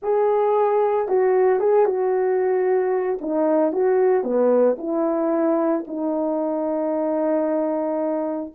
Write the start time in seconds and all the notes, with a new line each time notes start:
0.02 G#4
1.08 F#4
1.59 G#4
1.85 F#4
3.21 D#4
3.72 F#4
4.23 B3
4.78 E4
5.87 D#4